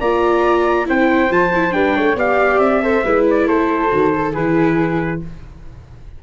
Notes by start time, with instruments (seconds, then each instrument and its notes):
0.00 tuba A#3, viola F4, flute D5, trumpet A#5
0.86 tuba C4, viola E4, flute C5, trumpet G5
1.31 tuba F3, viola F4, trumpet A5
1.55 viola E4
1.71 tuba G3, viola D4, flute B4, trumpet G5
1.96 tuba A3, flute C#5
2.16 tuba B3, viola G4, flute D5, trumpet F5
2.59 tuba C4, trumpet E5
2.83 viola A4, flute C5
3.05 tuba G#3, viola E4, flute B4
3.30 trumpet D5
3.47 tuba A3, flute A4, trumpet C5
3.89 tuba D#3, viola F#4
4.16 viola A4
4.33 tuba E3, viola E4, flute G#4, trumpet B4